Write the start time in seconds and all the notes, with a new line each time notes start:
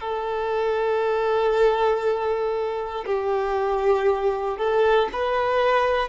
0.00 A4
3.06 G4
4.58 A4
5.13 B4